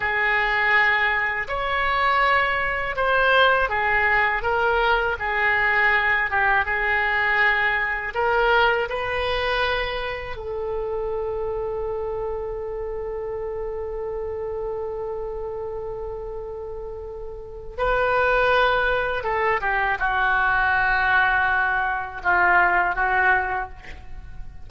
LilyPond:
\new Staff \with { instrumentName = "oboe" } { \time 4/4 \tempo 4 = 81 gis'2 cis''2 | c''4 gis'4 ais'4 gis'4~ | gis'8 g'8 gis'2 ais'4 | b'2 a'2~ |
a'1~ | a'1 | b'2 a'8 g'8 fis'4~ | fis'2 f'4 fis'4 | }